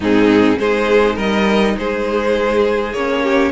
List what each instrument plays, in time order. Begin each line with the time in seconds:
0.00 cello G#2, viola C4, violin D#4 G#4
0.59 cello G#3, viola D#4, violin G#4 C5
1.15 cello G3, violin A#4 D#5
1.77 cello G#3, violin G#4 C5
2.92 cello A#3, viola C#4, violin C#5
3.22 violin G4